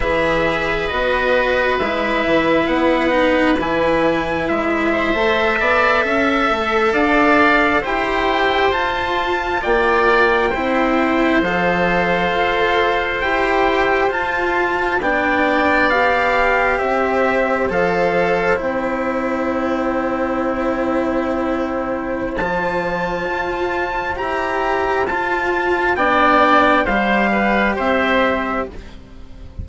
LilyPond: <<
  \new Staff \with { instrumentName = "trumpet" } { \time 4/4 \tempo 4 = 67 e''4 dis''4 e''4 fis''4 | gis''4 e''2~ e''8. f''16~ | f''8. g''4 a''4 g''4~ g''16~ | g''8. f''2 g''4 a''16~ |
a''8. g''4 f''4 e''4 f''16~ | f''8. g''2.~ g''16~ | g''4 a''2 ais''4 | a''4 g''4 f''4 e''4 | }
  \new Staff \with { instrumentName = "oboe" } { \time 4/4 b'1~ | b'4. c''8. d''8 e''4 d''16~ | d''8. c''2 d''4 c''16~ | c''1~ |
c''8. d''2 c''4~ c''16~ | c''1~ | c''1~ | c''4 d''4 c''8 b'8 c''4 | }
  \new Staff \with { instrumentName = "cello" } { \time 4/4 gis'4 fis'4 e'4. dis'8 | e'4.~ e'16 a'2~ a'16~ | a'8. g'4 f'2 e'16~ | e'8. a'2 g'4 f'16~ |
f'8. d'4 g'2 a'16~ | a'8. e'2.~ e'16~ | e'4 f'2 g'4 | f'4 d'4 g'2 | }
  \new Staff \with { instrumentName = "bassoon" } { \time 4/4 e4 b4 gis8 e8 b4 | e4 gis8. a8 b8 cis'8 a8 d'16~ | d'8. e'4 f'4 ais4 c'16~ | c'8. f4 f'4 e'4 f'16~ |
f'8. b2 c'4 f16~ | f8. c'2.~ c'16~ | c'4 f4 f'4 e'4 | f'4 b4 g4 c'4 | }
>>